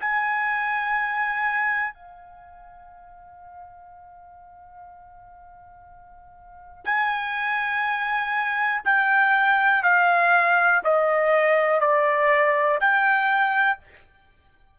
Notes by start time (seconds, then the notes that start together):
0.00 G#5
1.94 F5
6.85 G#5
8.85 G5
9.84 F5
10.84 D#5
11.81 D5
12.80 G5